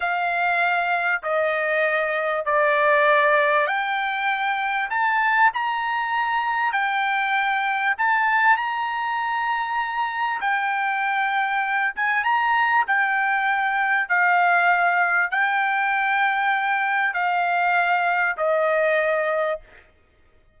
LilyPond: \new Staff \with { instrumentName = "trumpet" } { \time 4/4 \tempo 4 = 98 f''2 dis''2 | d''2 g''2 | a''4 ais''2 g''4~ | g''4 a''4 ais''2~ |
ais''4 g''2~ g''8 gis''8 | ais''4 g''2 f''4~ | f''4 g''2. | f''2 dis''2 | }